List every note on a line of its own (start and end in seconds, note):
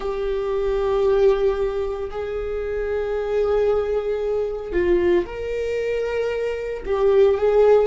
0.00 2.10 G4
2.10 4.72 G#4
4.72 5.25 F4
5.25 6.83 A#4
6.85 7.37 G4
7.37 7.87 G#4